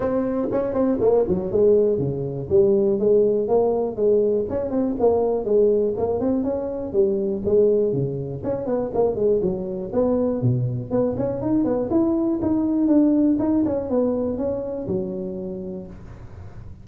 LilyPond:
\new Staff \with { instrumentName = "tuba" } { \time 4/4 \tempo 4 = 121 c'4 cis'8 c'8 ais8 fis8 gis4 | cis4 g4 gis4 ais4 | gis4 cis'8 c'8 ais4 gis4 | ais8 c'8 cis'4 g4 gis4 |
cis4 cis'8 b8 ais8 gis8 fis4 | b4 b,4 b8 cis'8 dis'8 b8 | e'4 dis'4 d'4 dis'8 cis'8 | b4 cis'4 fis2 | }